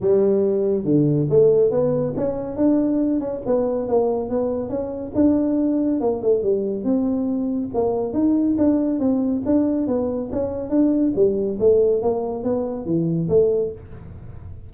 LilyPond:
\new Staff \with { instrumentName = "tuba" } { \time 4/4 \tempo 4 = 140 g2 d4 a4 | b4 cis'4 d'4. cis'8 | b4 ais4 b4 cis'4 | d'2 ais8 a8 g4 |
c'2 ais4 dis'4 | d'4 c'4 d'4 b4 | cis'4 d'4 g4 a4 | ais4 b4 e4 a4 | }